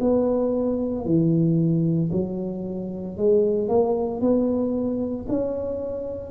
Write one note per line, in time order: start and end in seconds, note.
0.00 1.05 B3
1.05 2.11 E3
2.11 3.17 F#3
3.17 3.68 G#3
3.68 4.21 A#3
4.21 5.26 B3
5.28 6.30 C#4